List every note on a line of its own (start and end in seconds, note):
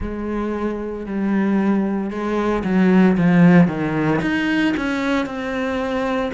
0.00 1.05 G#3
1.05 2.10 G3
2.10 2.63 G#3
2.64 3.16 F#3
3.17 3.67 F3
3.67 4.20 D#3
4.21 4.74 D#4
4.77 5.26 C#4
5.26 6.31 C4